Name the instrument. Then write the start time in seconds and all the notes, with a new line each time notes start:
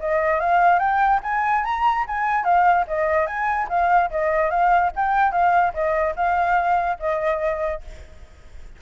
flute
0.00 D#5
0.40 F5
0.79 G5
1.23 G#5
1.64 A#5
2.07 G#5
2.44 F5
2.87 D#5
3.26 G#5
3.69 F5
4.11 D#5
4.50 F5
4.96 G5
5.32 F5
5.74 D#5
6.16 F5
6.99 D#5